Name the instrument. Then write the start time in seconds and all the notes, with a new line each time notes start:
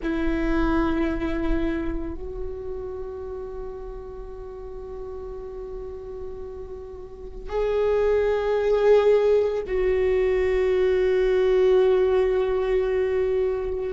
viola
0.02 E4
2.14 F#4
7.49 G#4
9.67 F#4